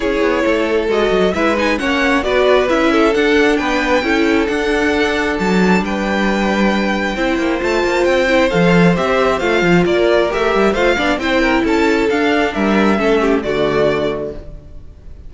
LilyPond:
<<
  \new Staff \with { instrumentName = "violin" } { \time 4/4 \tempo 4 = 134 cis''2 dis''4 e''8 gis''8 | fis''4 d''4 e''4 fis''4 | g''2 fis''2 | a''4 g''2.~ |
g''4 a''4 g''4 f''4 | e''4 f''4 d''4 e''4 | f''4 g''4 a''4 f''4 | e''2 d''2 | }
  \new Staff \with { instrumentName = "violin" } { \time 4/4 gis'4 a'2 b'4 | cis''4 b'4. a'4. | b'4 a'2.~ | a'4 b'2. |
c''1~ | c''2 ais'2 | c''8 d''8 c''8 ais'8 a'2 | ais'4 a'8 g'8 fis'2 | }
  \new Staff \with { instrumentName = "viola" } { \time 4/4 e'2 fis'4 e'8 dis'8 | cis'4 fis'4 e'4 d'4~ | d'4 e'4 d'2~ | d'1 |
e'4 f'4. e'8 a'4 | g'4 f'2 g'4 | f'8 d'8 e'2 d'4~ | d'4 cis'4 a2 | }
  \new Staff \with { instrumentName = "cello" } { \time 4/4 cis'8 b8 a4 gis8 fis8 gis4 | ais4 b4 cis'4 d'4 | b4 cis'4 d'2 | fis4 g2. |
c'8 ais8 a8 ais8 c'4 f4 | c'4 a8 f8 ais4 a8 g8 | a8 b8 c'4 cis'4 d'4 | g4 a4 d2 | }
>>